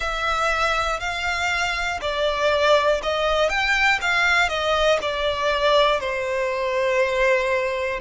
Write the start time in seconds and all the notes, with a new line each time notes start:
0.00 E5
1.00 F5
2.01 D5
3.02 D#5
3.49 G5
4.00 F5
4.49 D#5
5.01 D5
6.00 C5